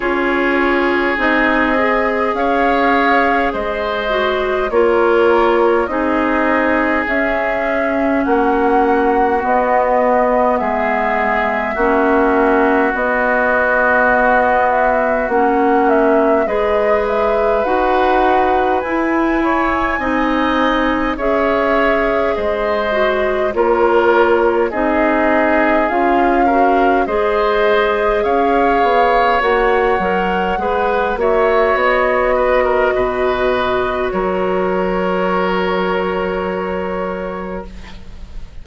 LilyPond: <<
  \new Staff \with { instrumentName = "flute" } { \time 4/4 \tempo 4 = 51 cis''4 dis''4 f''4 dis''4 | cis''4 dis''4 e''4 fis''4 | dis''4 e''2 dis''4~ | dis''8 e''8 fis''8 e''8 dis''8 e''8 fis''4 |
gis''2 e''4 dis''4 | cis''4 dis''4 f''4 dis''4 | f''4 fis''4. e''8 dis''4~ | dis''4 cis''2. | }
  \new Staff \with { instrumentName = "oboe" } { \time 4/4 gis'2 cis''4 c''4 | ais'4 gis'2 fis'4~ | fis'4 gis'4 fis'2~ | fis'2 b'2~ |
b'8 cis''8 dis''4 cis''4 c''4 | ais'4 gis'4. ais'8 c''4 | cis''2 b'8 cis''4 b'16 ais'16 | b'4 ais'2. | }
  \new Staff \with { instrumentName = "clarinet" } { \time 4/4 f'4 dis'8 gis'2 fis'8 | f'4 dis'4 cis'2 | b2 cis'4 b4~ | b4 cis'4 gis'4 fis'4 |
e'4 dis'4 gis'4. fis'8 | f'4 dis'4 f'8 fis'8 gis'4~ | gis'4 fis'8 ais'8 gis'8 fis'4.~ | fis'1 | }
  \new Staff \with { instrumentName = "bassoon" } { \time 4/4 cis'4 c'4 cis'4 gis4 | ais4 c'4 cis'4 ais4 | b4 gis4 ais4 b4~ | b4 ais4 gis4 dis'4 |
e'4 c'4 cis'4 gis4 | ais4 c'4 cis'4 gis4 | cis'8 b8 ais8 fis8 gis8 ais8 b4 | b,4 fis2. | }
>>